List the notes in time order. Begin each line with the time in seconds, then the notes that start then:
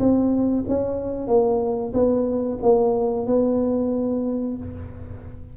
0.00 C4
0.69 C#4
1.28 A#3
1.94 B3
2.63 A#3
3.27 B3